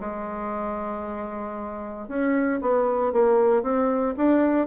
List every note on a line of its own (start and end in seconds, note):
0.00 2.08 G#3
2.08 2.60 C#4
2.61 3.12 B3
3.12 3.62 A#3
3.62 4.15 C4
4.17 4.67 D4